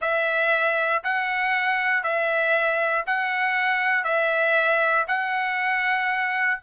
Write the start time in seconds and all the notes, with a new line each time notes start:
0.01 E5
1.03 F#5
2.03 E5
3.06 F#5
4.04 E5
5.07 F#5